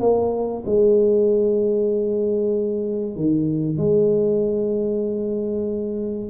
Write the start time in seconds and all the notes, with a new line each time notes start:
0.00 A#3
0.65 G#3
3.16 D#3
3.77 G#3